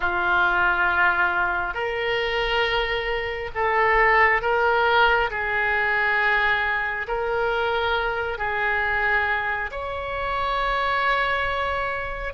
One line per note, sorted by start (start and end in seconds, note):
0.00 1.74 F4
1.74 3.50 A#4
3.54 4.41 A4
4.41 5.29 A#4
5.30 7.06 G#4
7.07 8.37 A#4
8.37 9.70 G#4
9.71 12.33 C#5